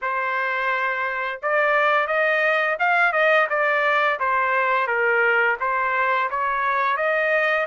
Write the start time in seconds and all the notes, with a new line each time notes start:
0.01 C5
1.42 D5
2.07 D#5
2.79 F5
3.12 D#5
3.49 D5
4.19 C5
4.87 A#4
5.59 C5
6.30 C#5
6.96 D#5